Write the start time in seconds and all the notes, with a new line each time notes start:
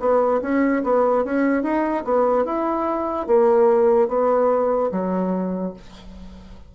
0.00 B3
0.42 C#4
0.84 B3
1.25 C#4
1.63 D#4
2.05 B3
2.45 E4
3.27 A#3
4.08 B3
4.92 F#3